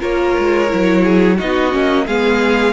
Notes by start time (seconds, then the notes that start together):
0.00 A#3 F4 A#4 C#5
0.38 G#3
0.69 F#3 E4
1.04 G#4
1.37 B3 D#4 F#4 D#5
1.72 A#3 C#4
2.07 G#3 B3 G#4 F5